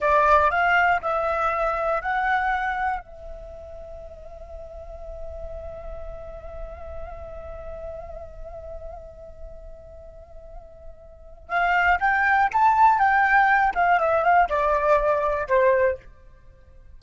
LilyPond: \new Staff \with { instrumentName = "flute" } { \time 4/4 \tempo 4 = 120 d''4 f''4 e''2 | fis''2 e''2~ | e''1~ | e''1~ |
e''1~ | e''2. f''4 | g''4 a''4 g''4. f''8 | e''8 f''8 d''2 c''4 | }